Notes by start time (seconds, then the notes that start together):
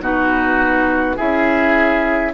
0.00 B2 D#4 F#4 B4
1.16 C#4 E4 G#4 E5